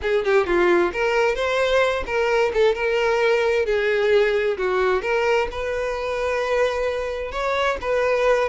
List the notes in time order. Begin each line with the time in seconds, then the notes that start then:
0.01 G#4
0.24 G4
0.46 F4
0.93 A#4
1.35 C5
2.06 A#4
2.53 A4
2.74 A#4
3.65 G#4
4.57 F#4
5.02 A#4
5.51 B4
7.31 C#5
7.81 B4